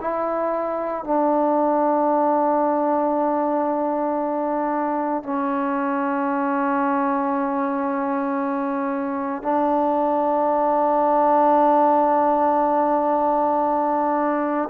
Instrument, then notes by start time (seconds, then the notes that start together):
trombone
0.00 E4
1.04 D4
5.23 C#4
9.42 D4